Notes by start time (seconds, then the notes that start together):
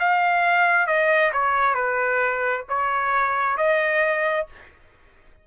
0.00 F5
0.87 D#5
1.33 C#5
1.75 B4
2.69 C#5
3.58 D#5